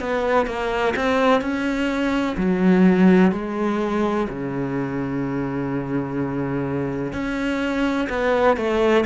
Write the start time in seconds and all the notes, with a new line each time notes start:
0.00 B3
0.47 A#3
0.96 C4
1.42 C#4
2.38 F#3
3.32 G#3
4.30 C#3
7.13 C#4
8.10 B3
8.57 A3